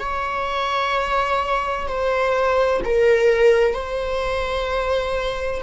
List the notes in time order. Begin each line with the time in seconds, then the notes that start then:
0.00 C#5
1.88 C5
2.85 A#4
3.75 C5